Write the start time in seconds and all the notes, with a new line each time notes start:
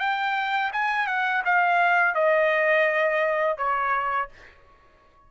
0.00 G5
0.73 G#5
1.07 F#5
1.45 F5
2.15 D#5
3.58 C#5